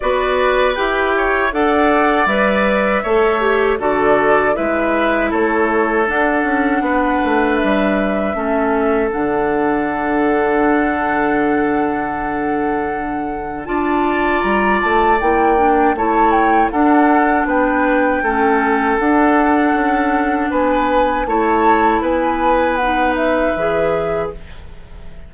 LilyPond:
<<
  \new Staff \with { instrumentName = "flute" } { \time 4/4 \tempo 4 = 79 d''4 g''4 fis''4 e''4~ | e''4 d''4 e''4 cis''4 | fis''2 e''2 | fis''1~ |
fis''2 a''4 ais''8 a''8 | g''4 a''8 g''8 fis''4 g''4~ | g''4 fis''2 gis''4 | a''4 gis''4 fis''8 e''4. | }
  \new Staff \with { instrumentName = "oboe" } { \time 4/4 b'4. cis''8 d''2 | cis''4 a'4 b'4 a'4~ | a'4 b'2 a'4~ | a'1~ |
a'2 d''2~ | d''4 cis''4 a'4 b'4 | a'2. b'4 | cis''4 b'2. | }
  \new Staff \with { instrumentName = "clarinet" } { \time 4/4 fis'4 g'4 a'4 b'4 | a'8 g'8 fis'4 e'2 | d'2. cis'4 | d'1~ |
d'2 f'2 | e'8 d'8 e'4 d'2 | cis'4 d'2. | e'2 dis'4 gis'4 | }
  \new Staff \with { instrumentName = "bassoon" } { \time 4/4 b4 e'4 d'4 g4 | a4 d4 gis4 a4 | d'8 cis'8 b8 a8 g4 a4 | d1~ |
d2 d'4 g8 a8 | ais4 a4 d'4 b4 | a4 d'4 cis'4 b4 | a4 b2 e4 | }
>>